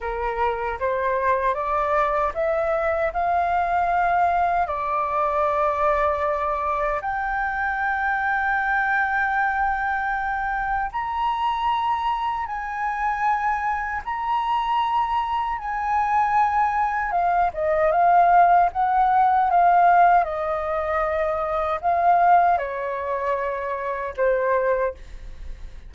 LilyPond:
\new Staff \with { instrumentName = "flute" } { \time 4/4 \tempo 4 = 77 ais'4 c''4 d''4 e''4 | f''2 d''2~ | d''4 g''2.~ | g''2 ais''2 |
gis''2 ais''2 | gis''2 f''8 dis''8 f''4 | fis''4 f''4 dis''2 | f''4 cis''2 c''4 | }